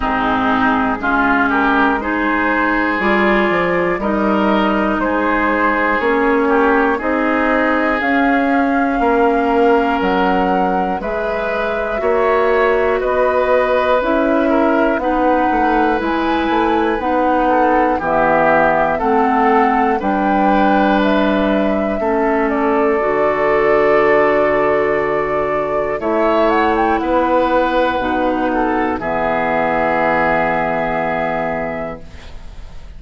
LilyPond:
<<
  \new Staff \with { instrumentName = "flute" } { \time 4/4 \tempo 4 = 60 gis'4. ais'8 c''4 d''4 | dis''4 c''4 cis''4 dis''4 | f''2 fis''4 e''4~ | e''4 dis''4 e''4 fis''4 |
gis''4 fis''4 e''4 fis''4 | g''4 e''4. d''4.~ | d''2 e''8 fis''16 g''16 fis''4~ | fis''4 e''2. | }
  \new Staff \with { instrumentName = "oboe" } { \time 4/4 dis'4 f'8 g'8 gis'2 | ais'4 gis'4. g'8 gis'4~ | gis'4 ais'2 b'4 | cis''4 b'4. ais'8 b'4~ |
b'4. a'8 g'4 a'4 | b'2 a'2~ | a'2 cis''4 b'4~ | b'8 a'8 gis'2. | }
  \new Staff \with { instrumentName = "clarinet" } { \time 4/4 c'4 cis'4 dis'4 f'4 | dis'2 cis'4 dis'4 | cis'2. gis'4 | fis'2 e'4 dis'4 |
e'4 dis'4 b4 c'4 | d'2 cis'4 fis'4~ | fis'2 e'2 | dis'4 b2. | }
  \new Staff \with { instrumentName = "bassoon" } { \time 4/4 gis,4 gis2 g8 f8 | g4 gis4 ais4 c'4 | cis'4 ais4 fis4 gis4 | ais4 b4 cis'4 b8 a8 |
gis8 a8 b4 e4 a4 | g2 a4 d4~ | d2 a4 b4 | b,4 e2. | }
>>